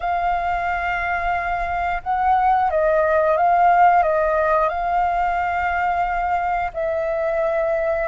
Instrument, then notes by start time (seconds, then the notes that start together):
flute
0.00 F5
2.03 F#5
2.70 D#5
3.37 F5
4.02 D#5
4.69 F5
6.73 E5